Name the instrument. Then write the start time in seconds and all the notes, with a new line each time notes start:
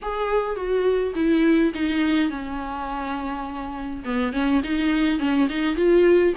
viola
0.02 G#4
0.56 F#4
1.15 E4
1.74 D#4
2.30 C#4
4.04 B3
4.32 C#4
4.63 D#4
5.19 C#4
5.49 D#4
5.76 F4